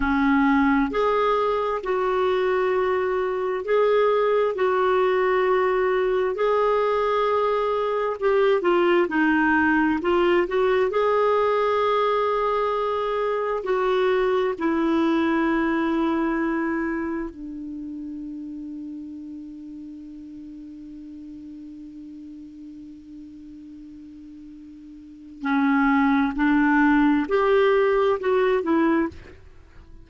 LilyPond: \new Staff \with { instrumentName = "clarinet" } { \time 4/4 \tempo 4 = 66 cis'4 gis'4 fis'2 | gis'4 fis'2 gis'4~ | gis'4 g'8 f'8 dis'4 f'8 fis'8 | gis'2. fis'4 |
e'2. d'4~ | d'1~ | d'1 | cis'4 d'4 g'4 fis'8 e'8 | }